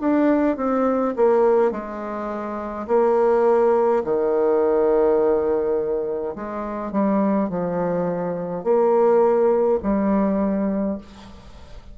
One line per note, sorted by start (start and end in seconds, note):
0.00 0.57 D4
0.57 1.14 C4
1.16 1.72 A#3
1.72 2.87 G#3
2.87 4.03 A#3
4.04 6.35 D#3
6.35 6.92 G#3
6.92 7.49 G3
7.49 8.64 F3
8.64 9.79 A#3
9.82 10.98 G3